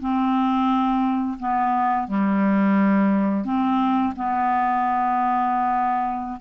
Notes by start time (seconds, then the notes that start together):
0.00 C4
1.39 B3
2.08 G3
3.45 C4
4.16 B3